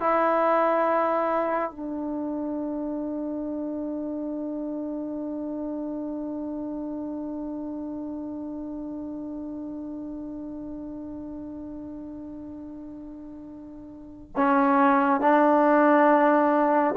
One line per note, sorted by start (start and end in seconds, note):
0.00 1.71 E4
1.71 14.32 D4
14.36 15.21 C#4
15.21 16.94 D4